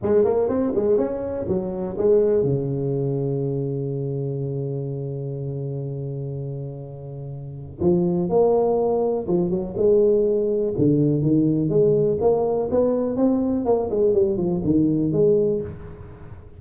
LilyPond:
\new Staff \with { instrumentName = "tuba" } { \time 4/4 \tempo 4 = 123 gis8 ais8 c'8 gis8 cis'4 fis4 | gis4 cis2.~ | cis1~ | cis1 |
f4 ais2 f8 fis8 | gis2 d4 dis4 | gis4 ais4 b4 c'4 | ais8 gis8 g8 f8 dis4 gis4 | }